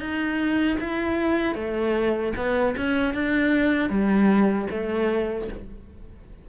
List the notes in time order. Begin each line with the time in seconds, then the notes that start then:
0.00 D#4
0.80 E4
1.55 A3
2.37 B3
2.77 C#4
3.15 D4
3.90 G3
4.71 A3